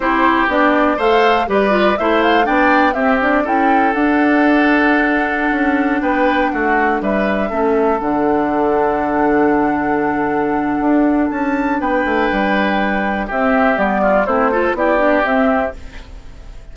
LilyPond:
<<
  \new Staff \with { instrumentName = "flute" } { \time 4/4 \tempo 4 = 122 c''4 d''4 f''4 d''4 | e''8 f''8 g''4 e''8 d''8 g''4 | fis''1~ | fis''16 g''4 fis''4 e''4.~ e''16~ |
e''16 fis''2.~ fis''8.~ | fis''2. a''4 | g''2. e''4 | d''4 c''4 d''4 e''4 | }
  \new Staff \with { instrumentName = "oboe" } { \time 4/4 g'2 c''4 b'4 | c''4 d''4 g'4 a'4~ | a'1~ | a'16 b'4 fis'4 b'4 a'8.~ |
a'1~ | a'1 | b'2. g'4~ | g'8 f'8 e'8 a'8 g'2 | }
  \new Staff \with { instrumentName = "clarinet" } { \time 4/4 e'4 d'4 a'4 g'8 f'8 | e'4 d'4 c'8 d'8 e'4 | d'1~ | d'2.~ d'16 cis'8.~ |
cis'16 d'2.~ d'8.~ | d'1~ | d'2. c'4 | b4 c'8 f'8 e'8 d'8 c'4 | }
  \new Staff \with { instrumentName = "bassoon" } { \time 4/4 c'4 b4 a4 g4 | a4 b4 c'4 cis'4 | d'2.~ d'16 cis'8.~ | cis'16 b4 a4 g4 a8.~ |
a16 d2.~ d8.~ | d2 d'4 cis'4 | b8 a8 g2 c'4 | g4 a4 b4 c'4 | }
>>